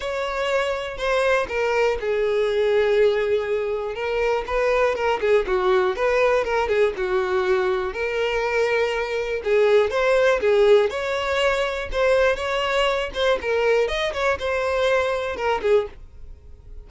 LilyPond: \new Staff \with { instrumentName = "violin" } { \time 4/4 \tempo 4 = 121 cis''2 c''4 ais'4 | gis'1 | ais'4 b'4 ais'8 gis'8 fis'4 | b'4 ais'8 gis'8 fis'2 |
ais'2. gis'4 | c''4 gis'4 cis''2 | c''4 cis''4. c''8 ais'4 | dis''8 cis''8 c''2 ais'8 gis'8 | }